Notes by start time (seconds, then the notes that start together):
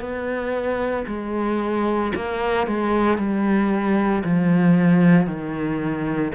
0.00 B3
1.07 G#3
2.16 A#3
2.67 G#3
3.18 G3
4.24 F3
5.27 D#3